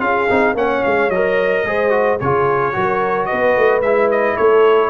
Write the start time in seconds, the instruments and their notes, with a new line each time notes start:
0.00 tuba C#4, trombone F4, horn G#4, trumpet F5
0.30 tuba C4, trombone D#4
0.54 tuba A#3, trombone C#4, horn C#5, trumpet F#5
0.84 tuba G#3, trumpet F5
1.10 tuba F#3, trombone A#4, trumpet D#5
1.64 tuba G#3, trombone G#4, horn C5
1.90 trombone F#4
2.20 tuba C#3, trombone F4, horn G#4, trumpet C#5
2.73 tuba F#3, trombone F#4, horn A#4
3.26 horn B4, trumpet D#5
3.32 tuba B3
3.57 tuba A3
3.82 tuba G#3, trombone E4, trumpet E5
4.11 trumpet D#5
4.36 tuba A3, horn A4, trumpet C#5